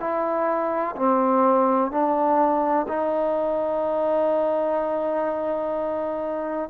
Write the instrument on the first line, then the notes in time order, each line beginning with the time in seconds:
trombone
0.00 E4
0.97 C4
1.91 D4
2.88 D#4